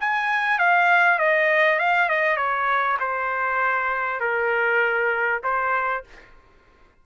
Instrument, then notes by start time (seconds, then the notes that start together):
trumpet
0.00 G#5
0.58 F5
1.18 D#5
1.79 F5
2.09 D#5
2.36 C#5
2.99 C5
4.20 A#4
5.43 C5